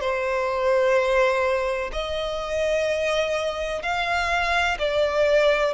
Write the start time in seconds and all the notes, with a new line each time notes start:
0.00 C5
1.92 D#5
3.82 F5
4.79 D5